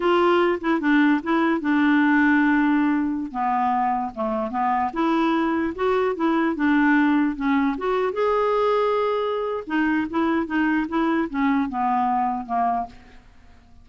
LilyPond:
\new Staff \with { instrumentName = "clarinet" } { \time 4/4 \tempo 4 = 149 f'4. e'8 d'4 e'4 | d'1~ | d'16 b2 a4 b8.~ | b16 e'2 fis'4 e'8.~ |
e'16 d'2 cis'4 fis'8.~ | fis'16 gis'2.~ gis'8. | dis'4 e'4 dis'4 e'4 | cis'4 b2 ais4 | }